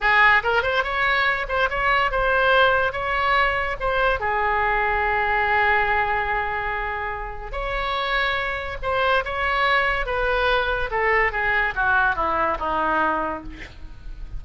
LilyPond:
\new Staff \with { instrumentName = "oboe" } { \time 4/4 \tempo 4 = 143 gis'4 ais'8 c''8 cis''4. c''8 | cis''4 c''2 cis''4~ | cis''4 c''4 gis'2~ | gis'1~ |
gis'2 cis''2~ | cis''4 c''4 cis''2 | b'2 a'4 gis'4 | fis'4 e'4 dis'2 | }